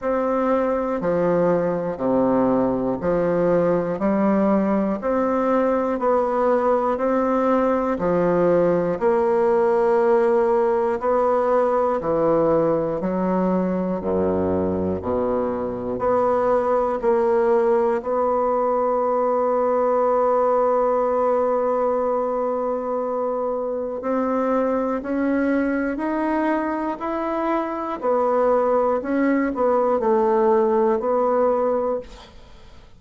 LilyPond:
\new Staff \with { instrumentName = "bassoon" } { \time 4/4 \tempo 4 = 60 c'4 f4 c4 f4 | g4 c'4 b4 c'4 | f4 ais2 b4 | e4 fis4 fis,4 b,4 |
b4 ais4 b2~ | b1 | c'4 cis'4 dis'4 e'4 | b4 cis'8 b8 a4 b4 | }